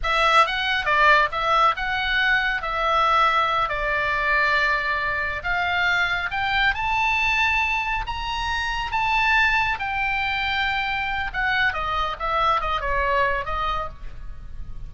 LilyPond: \new Staff \with { instrumentName = "oboe" } { \time 4/4 \tempo 4 = 138 e''4 fis''4 d''4 e''4 | fis''2 e''2~ | e''8 d''2.~ d''8~ | d''8 f''2 g''4 a''8~ |
a''2~ a''8 ais''4.~ | ais''8 a''2 g''4.~ | g''2 fis''4 dis''4 | e''4 dis''8 cis''4. dis''4 | }